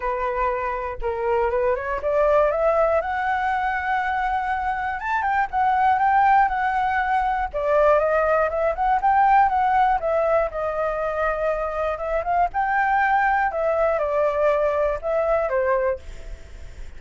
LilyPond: \new Staff \with { instrumentName = "flute" } { \time 4/4 \tempo 4 = 120 b'2 ais'4 b'8 cis''8 | d''4 e''4 fis''2~ | fis''2 a''8 g''8 fis''4 | g''4 fis''2 d''4 |
dis''4 e''8 fis''8 g''4 fis''4 | e''4 dis''2. | e''8 f''8 g''2 e''4 | d''2 e''4 c''4 | }